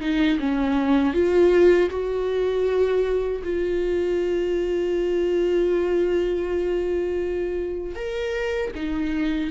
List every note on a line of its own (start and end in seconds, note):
0.00 0.38 D#4
0.39 1.14 C#4
1.14 1.90 F4
1.90 3.42 F#4
3.43 7.95 F4
7.95 8.71 A#4
8.75 9.50 D#4